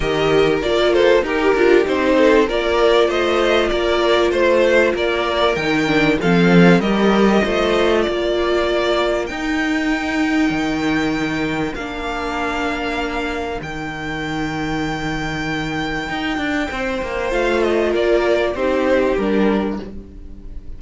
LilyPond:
<<
  \new Staff \with { instrumentName = "violin" } { \time 4/4 \tempo 4 = 97 dis''4 d''8 c''8 ais'4 c''4 | d''4 dis''4 d''4 c''4 | d''4 g''4 f''4 dis''4~ | dis''4 d''2 g''4~ |
g''2. f''4~ | f''2 g''2~ | g''1 | f''8 dis''8 d''4 c''4 ais'4 | }
  \new Staff \with { instrumentName = "violin" } { \time 4/4 ais'4. a'8 g'4. a'8 | ais'4 c''4 ais'4 c''4 | ais'2 a'4 ais'4 | c''4 ais'2.~ |
ais'1~ | ais'1~ | ais'2. c''4~ | c''4 ais'4 g'2 | }
  \new Staff \with { instrumentName = "viola" } { \time 4/4 g'4 f'4 g'8 f'8 dis'4 | f'1~ | f'4 dis'8 d'8 c'4 g'4 | f'2. dis'4~ |
dis'2. d'4~ | d'2 dis'2~ | dis'1 | f'2 dis'4 d'4 | }
  \new Staff \with { instrumentName = "cello" } { \time 4/4 dis4 ais4 dis'8 d'8 c'4 | ais4 a4 ais4 a4 | ais4 dis4 f4 g4 | a4 ais2 dis'4~ |
dis'4 dis2 ais4~ | ais2 dis2~ | dis2 dis'8 d'8 c'8 ais8 | a4 ais4 c'4 g4 | }
>>